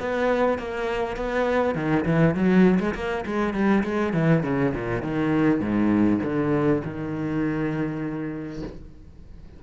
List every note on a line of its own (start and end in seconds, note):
0.00 0.59 B3
0.59 1.17 A#3
1.17 1.75 B3
1.75 2.05 D#3
2.05 2.35 E3
2.35 2.79 F#3
2.80 2.95 G#3
2.95 3.25 A#3
3.26 3.54 G#3
3.54 3.84 G3
3.84 4.14 G#3
4.14 4.43 E3
4.44 4.73 C#3
4.75 5.03 A#2
5.03 5.61 D#3
5.61 6.20 G#2
6.23 6.83 D3
6.85 8.63 D#3